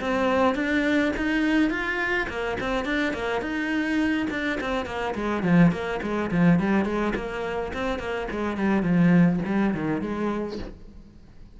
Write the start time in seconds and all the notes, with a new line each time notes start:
0.00 C4
0.55 D4
1.16 D#4
1.70 F4
2.29 A#3
2.60 C4
2.85 D4
3.13 A#3
3.41 D#4
4.30 D4
4.60 C4
4.85 A#3
5.14 G#3
5.43 F3
5.71 A#3
6.02 G#3
6.31 F3
6.59 G3
6.85 G#3
7.15 A#3
7.73 C4
7.98 A#3
8.31 G#3
8.57 G3
8.82 F3
9.45 G3
9.74 D#3
10.01 G#3